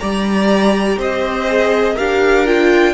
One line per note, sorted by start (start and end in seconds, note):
0.00 0.97 G3
0.00 1.48 G4
0.00 0.99 D5
0.00 0.98 A#5
0.97 1.96 C4
0.97 1.93 C5
0.97 1.98 D#5
1.48 1.97 G#4
1.93 2.94 D4
1.93 2.46 G4
1.93 2.92 A#4
1.93 2.47 F5
2.46 2.94 F4
2.46 2.94 G5